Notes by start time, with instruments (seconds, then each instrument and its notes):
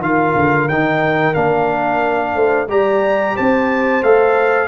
0.00 tuba D#3, trombone F4, horn A#4, trumpet F5
0.35 tuba D3
0.68 tuba D#3, trombone D#4, trumpet G5
1.34 tuba A#3, trombone D4, trumpet F5
2.34 tuba A3, horn C5
2.68 tuba G3, trombone G4, horn D5, trumpet A#5
3.35 tuba C4, horn C5, trumpet A5
4.03 tuba A3, trombone A4, trumpet F5